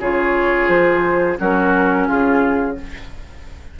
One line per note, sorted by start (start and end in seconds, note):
0.00 0.69 C#3
0.00 1.39 F4
0.00 1.38 G#4
0.00 0.69 C#5
0.69 1.37 F3
0.69 1.38 C5
1.39 2.09 F#3
1.39 2.77 C#4
1.39 2.08 F#4
1.39 2.08 A#4
2.08 2.80 C#3
2.08 2.77 F4
2.08 2.77 G#4